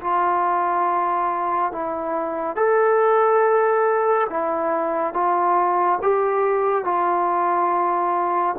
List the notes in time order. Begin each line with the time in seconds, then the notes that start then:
0.00 F4
1.71 E4
2.56 A4
4.29 E4
5.13 F4
6.02 G4
6.84 F4